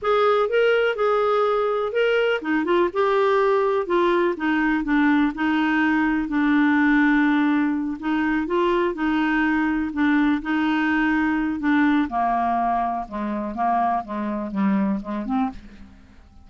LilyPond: \new Staff \with { instrumentName = "clarinet" } { \time 4/4 \tempo 4 = 124 gis'4 ais'4 gis'2 | ais'4 dis'8 f'8 g'2 | f'4 dis'4 d'4 dis'4~ | dis'4 d'2.~ |
d'8 dis'4 f'4 dis'4.~ | dis'8 d'4 dis'2~ dis'8 | d'4 ais2 gis4 | ais4 gis4 g4 gis8 c'8 | }